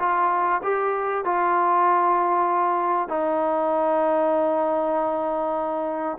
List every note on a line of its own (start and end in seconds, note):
0.00 0.62 F4
0.64 1.25 G4
1.25 3.09 F4
3.09 6.19 D#4